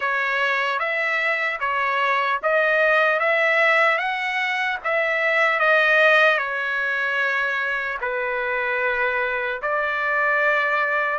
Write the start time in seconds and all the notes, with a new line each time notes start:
0.00 C#5
0.79 E5
1.60 C#5
2.42 D#5
3.19 E5
3.98 F#5
4.84 E5
5.59 D#5
6.38 C#5
8.01 B4
9.61 D5